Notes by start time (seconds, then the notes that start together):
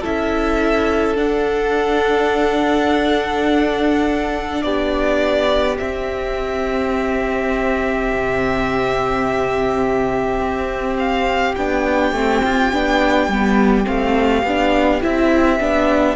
0.00 C#4 E4 A4 E5
1.15 D4 F#5
4.62 B3 G4 D5
5.77 C4 E5
8.12 C3
10.39 C4
10.99 F5
11.55 B3 D4 G5
12.12 A3 C4
12.44 F4
12.72 B3 D4
13.27 G3 B3
13.85 A3 C4 F5
14.43 B3 D4
15.01 C4 E4 E5
15.59 B3 D4